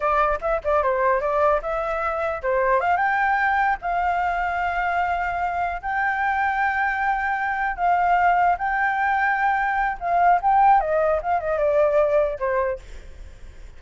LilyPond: \new Staff \with { instrumentName = "flute" } { \time 4/4 \tempo 4 = 150 d''4 e''8 d''8 c''4 d''4 | e''2 c''4 f''8 g''8~ | g''4. f''2~ f''8~ | f''2~ f''8 g''4.~ |
g''2.~ g''8 f''8~ | f''4. g''2~ g''8~ | g''4 f''4 g''4 dis''4 | f''8 dis''8 d''2 c''4 | }